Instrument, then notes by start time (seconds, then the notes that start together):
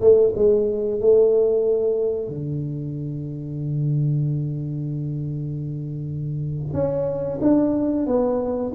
tuba
0.00 A3
0.35 G#3
1.00 A3
2.28 D3
6.73 C#4
7.41 D4
8.06 B3